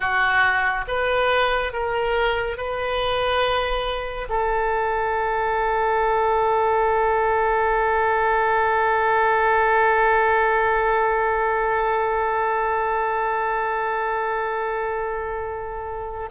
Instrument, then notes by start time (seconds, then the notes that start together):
oboe
0.00 F#4
0.87 B4
1.73 A#4
2.57 B4
4.29 A4